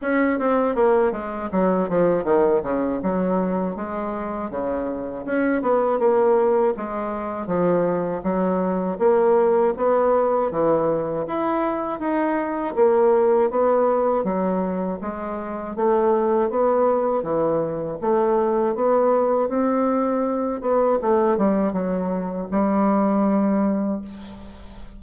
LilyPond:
\new Staff \with { instrumentName = "bassoon" } { \time 4/4 \tempo 4 = 80 cis'8 c'8 ais8 gis8 fis8 f8 dis8 cis8 | fis4 gis4 cis4 cis'8 b8 | ais4 gis4 f4 fis4 | ais4 b4 e4 e'4 |
dis'4 ais4 b4 fis4 | gis4 a4 b4 e4 | a4 b4 c'4. b8 | a8 g8 fis4 g2 | }